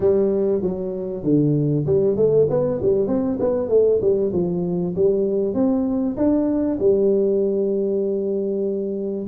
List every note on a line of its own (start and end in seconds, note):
0.00 0.62 G3
0.62 1.23 F#3
1.23 1.85 D3
1.86 2.16 G3
2.16 2.47 A3
2.49 2.80 B3
2.82 3.07 G3
3.07 3.38 C4
3.39 3.69 B3
3.69 4.00 A3
4.01 4.32 G3
4.32 4.94 F3
4.95 5.54 G3
5.54 6.15 C4
6.16 6.78 D4
6.79 9.26 G3